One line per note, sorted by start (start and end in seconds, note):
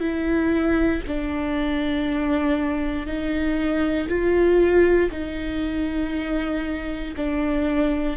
0.00 1.02 E4
1.07 3.06 D4
3.06 4.08 D#4
4.09 5.10 F4
5.11 7.15 D#4
7.16 8.17 D4